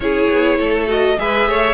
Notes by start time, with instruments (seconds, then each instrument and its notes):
0.00 cello C#4, viola E4, violin G#4 C#5
0.29 cello B3
0.58 cello A3, violin A4
0.87 viola F#4, violin D#5
1.18 cello G#3, viola G#4, violin B4 E5
1.47 cello A3, violin C#5